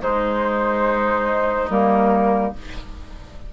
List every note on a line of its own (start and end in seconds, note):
0.00 1.67 G#3
0.00 1.68 G#3
0.00 2.51 D#4
0.00 1.68 C5
1.69 2.52 G3
1.69 2.53 A#3
1.69 2.53 A#4